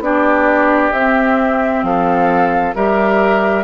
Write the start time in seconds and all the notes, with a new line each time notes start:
0.00 B3 D4 G4 D5
0.92 C4 E5
1.83 F3 A4 F5
2.75 G3 G4 A#4 E5